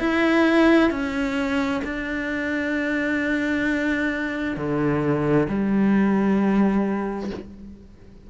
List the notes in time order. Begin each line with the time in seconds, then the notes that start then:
0.00 E4
0.91 C#4
1.85 D4
4.57 D3
5.49 G3